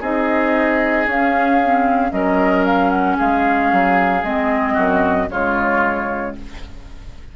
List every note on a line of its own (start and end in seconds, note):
0.00 1.06 C4
0.00 1.08 D#4
0.00 2.11 G#4
0.00 1.07 D#5
1.06 2.11 C#4
1.06 1.61 C#4
1.06 2.12 F5
1.64 2.10 C4
2.10 3.18 F#3
2.10 4.21 C#4
2.10 3.17 A#4
2.10 2.65 D#5
2.65 2.90 F5
2.90 3.16 F#5
3.17 3.72 G#3
3.17 4.73 G#4
3.17 4.24 F5
3.72 4.23 F#3
4.23 4.76 G#3
4.23 5.29 C4
4.23 5.29 D#5
4.73 5.29 F#2
4.73 5.26 F#4
5.30 6.35 C#3
5.30 6.36 G#3
5.30 6.36 F4
5.30 6.35 C#5